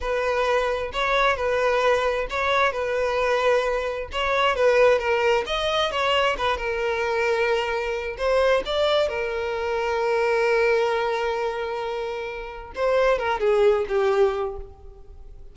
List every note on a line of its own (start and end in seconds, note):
0.00 0.91 B4
0.93 1.36 C#5
1.36 2.27 B4
2.30 2.72 C#5
2.72 4.08 B4
4.12 4.55 C#5
4.55 4.99 B4
4.99 5.44 A#4
5.46 5.91 D#5
5.91 6.36 C#5
6.37 6.57 B4
6.57 8.16 A#4
8.17 8.62 C5
8.65 9.08 D5
9.08 12.72 A#4
12.75 13.18 C5
13.18 13.40 A#4
13.40 13.85 G#4
13.88 14.56 G4